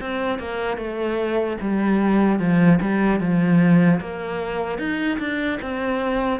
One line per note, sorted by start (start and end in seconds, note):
0.00 0.39 C4
0.39 0.77 A#3
0.77 1.57 A3
1.60 2.39 G3
2.39 2.79 F3
2.81 3.20 G3
3.20 4.00 F3
4.00 4.78 A#3
4.78 5.18 D#4
5.19 5.59 D4
5.61 6.40 C4